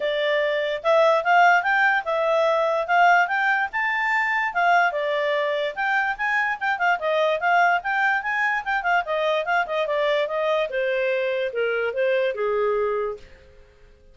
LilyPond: \new Staff \with { instrumentName = "clarinet" } { \time 4/4 \tempo 4 = 146 d''2 e''4 f''4 | g''4 e''2 f''4 | g''4 a''2 f''4 | d''2 g''4 gis''4 |
g''8 f''8 dis''4 f''4 g''4 | gis''4 g''8 f''8 dis''4 f''8 dis''8 | d''4 dis''4 c''2 | ais'4 c''4 gis'2 | }